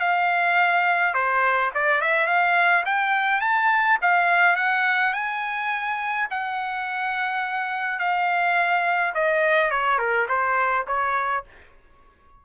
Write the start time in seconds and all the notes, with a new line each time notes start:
0.00 F5
1.14 C5
1.74 D5
2.01 E5
2.27 F5
2.86 G5
3.41 A5
4.01 F5
4.56 F#5
5.13 G#5
6.30 F#5
7.99 F5
9.14 D#5
9.71 C#5
9.98 A#4
10.28 C5
10.87 C#5